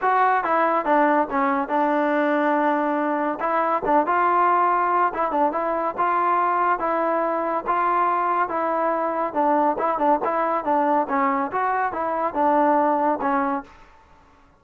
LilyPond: \new Staff \with { instrumentName = "trombone" } { \time 4/4 \tempo 4 = 141 fis'4 e'4 d'4 cis'4 | d'1 | e'4 d'8 f'2~ f'8 | e'8 d'8 e'4 f'2 |
e'2 f'2 | e'2 d'4 e'8 d'8 | e'4 d'4 cis'4 fis'4 | e'4 d'2 cis'4 | }